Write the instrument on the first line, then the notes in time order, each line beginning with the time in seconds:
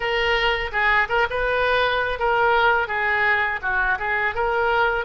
oboe
0.00 A#4
0.72 G#4
1.08 A#4
1.29 B4
2.19 A#4
2.87 G#4
3.62 F#4
3.99 G#4
4.34 A#4